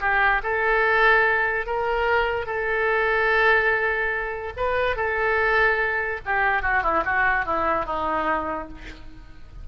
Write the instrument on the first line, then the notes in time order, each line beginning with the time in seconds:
oboe
0.00 G4
0.43 A4
1.66 A#4
2.46 A4
4.56 B4
4.96 A4
6.25 G4
6.62 F#4
6.82 E4
7.05 F#4
7.45 E4
7.85 D#4